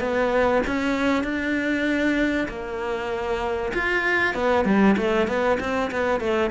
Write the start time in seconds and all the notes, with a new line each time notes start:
0.00 B3
0.67 C#4
1.24 D4
2.48 A#3
3.74 F4
4.34 B3
4.65 G3
4.97 A3
5.27 B3
5.60 C4
5.91 B3
6.20 A3